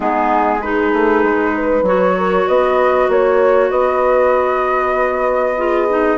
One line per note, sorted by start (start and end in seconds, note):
0.00 0.93 G#3
0.00 0.61 B3
0.00 0.60 D#4
0.00 0.61 G#4
0.61 1.85 D#4
0.61 1.54 G#4
0.61 1.85 B4
0.93 1.23 A3
1.23 1.82 G#3
1.54 2.16 B4
1.82 2.44 F#3
1.82 5.56 F#4
1.82 2.48 C#5
2.17 2.47 A#4
2.47 3.08 B3
2.47 3.09 B4
2.47 3.09 D#5
3.08 3.70 A#3
3.08 3.69 C#5
3.08 3.70 C#5
3.69 6.17 B3
3.69 5.55 B4
3.69 6.17 D#5
5.57 5.88 F4
5.57 6.17 G#4
5.89 6.17 D#4